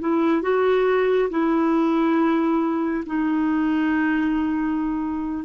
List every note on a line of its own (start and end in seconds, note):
0.00 0.42 E4
0.42 1.29 F#4
1.30 3.04 E4
3.06 5.45 D#4